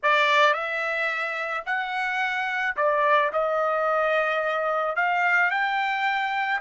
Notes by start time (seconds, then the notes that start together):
0.03 D5
0.53 E5
1.65 F#5
2.76 D5
3.33 D#5
4.95 F5
5.50 G5